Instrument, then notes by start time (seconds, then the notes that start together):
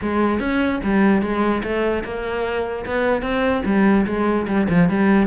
cello
0.01 G#3
0.39 C#4
0.83 G3
1.22 G#3
1.63 A3
2.04 A#3
2.86 B3
3.21 C4
3.65 G3
4.06 G#3
4.47 G3
4.69 F3
4.89 G3